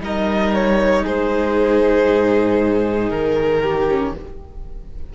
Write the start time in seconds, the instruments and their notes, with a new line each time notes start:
0.00 cello G3, viola D#4, violin A#4 D#5
0.54 violin C#5
1.03 cello G#3, violin G#4 C5
2.08 cello G#2
3.09 cello D#3, violin A#4
3.62 violin G4
3.88 viola C#4